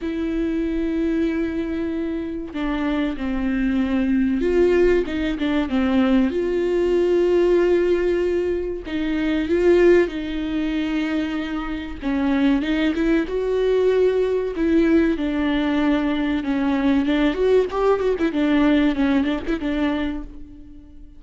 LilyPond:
\new Staff \with { instrumentName = "viola" } { \time 4/4 \tempo 4 = 95 e'1 | d'4 c'2 f'4 | dis'8 d'8 c'4 f'2~ | f'2 dis'4 f'4 |
dis'2. cis'4 | dis'8 e'8 fis'2 e'4 | d'2 cis'4 d'8 fis'8 | g'8 fis'16 e'16 d'4 cis'8 d'16 e'16 d'4 | }